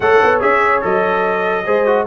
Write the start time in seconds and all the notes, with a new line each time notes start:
0.00 A3 A4 C#5 F#5
0.23 B3
0.40 C#4 G#4 E5
0.81 F#3 A4 D#5
1.65 G#3 G#4 C5
1.85 F#4